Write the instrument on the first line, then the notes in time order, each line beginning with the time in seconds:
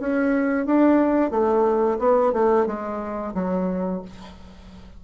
bassoon
0.00 C#4
0.66 D4
1.31 A3
1.99 B3
2.32 A3
2.66 G#3
3.34 F#3